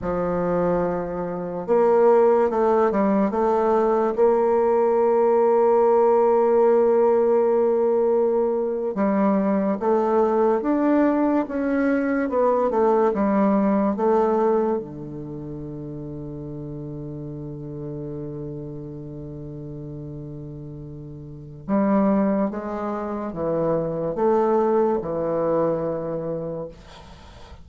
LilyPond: \new Staff \with { instrumentName = "bassoon" } { \time 4/4 \tempo 4 = 72 f2 ais4 a8 g8 | a4 ais2.~ | ais2~ ais8. g4 a16~ | a8. d'4 cis'4 b8 a8 g16~ |
g8. a4 d2~ d16~ | d1~ | d2 g4 gis4 | e4 a4 e2 | }